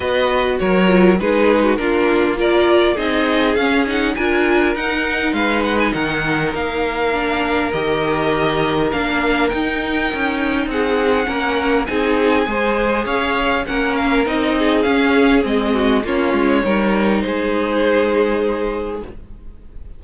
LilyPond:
<<
  \new Staff \with { instrumentName = "violin" } { \time 4/4 \tempo 4 = 101 dis''4 cis''4 b'4 ais'4 | d''4 dis''4 f''8 fis''8 gis''4 | fis''4 f''8 fis''16 gis''16 fis''4 f''4~ | f''4 dis''2 f''4 |
g''2 fis''2 | gis''2 f''4 fis''8 f''8 | dis''4 f''4 dis''4 cis''4~ | cis''4 c''2. | }
  \new Staff \with { instrumentName = "violin" } { \time 4/4 b'4 ais'4 gis'8. fis'16 f'4 | ais'4 gis'2 ais'4~ | ais'4 b'4 ais'2~ | ais'1~ |
ais'2 gis'4 ais'4 | gis'4 c''4 cis''4 ais'4~ | ais'8 gis'2 fis'8 f'4 | ais'4 gis'2. | }
  \new Staff \with { instrumentName = "viola" } { \time 4/4 fis'4. f'8 dis'4 d'4 | f'4 dis'4 cis'8 dis'8 f'4 | dis'1 | d'4 g'2 d'4 |
dis'2. cis'4 | dis'4 gis'2 cis'4 | dis'4 cis'4 c'4 cis'4 | dis'1 | }
  \new Staff \with { instrumentName = "cello" } { \time 4/4 b4 fis4 gis4 ais4~ | ais4 c'4 cis'4 d'4 | dis'4 gis4 dis4 ais4~ | ais4 dis2 ais4 |
dis'4 cis'4 c'4 ais4 | c'4 gis4 cis'4 ais4 | c'4 cis'4 gis4 ais8 gis8 | g4 gis2. | }
>>